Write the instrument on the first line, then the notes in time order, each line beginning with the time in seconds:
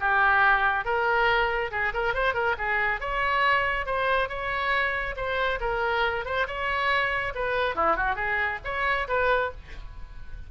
oboe
0.00 G4
0.85 A#4
1.71 G#4
1.94 A#4
2.14 C5
2.34 A#4
2.58 G#4
3.01 C#5
3.86 C5
4.29 C#5
5.16 C5
5.61 A#4
6.26 C5
6.47 C#5
7.35 B4
7.75 E4
7.96 F#4
8.16 G#4
8.64 C#5
9.08 B4